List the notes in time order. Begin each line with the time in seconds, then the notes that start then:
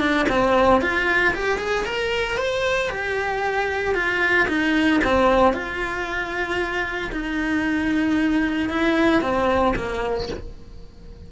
0.00 D4
0.29 C4
0.82 F4
1.34 G4
1.59 G#4
1.85 A#4
2.38 C5
2.90 G4
3.95 F4
4.48 D#4
5.04 C4
5.53 F4
7.12 D#4
8.70 E4
9.22 C4
9.76 A#3